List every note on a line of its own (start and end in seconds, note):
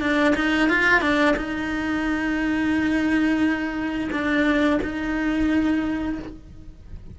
0.00 0.34 D4
0.35 0.69 D#4
0.69 1.01 F4
1.01 1.35 D4
1.36 4.09 D#4
4.12 4.80 D4
4.82 6.18 D#4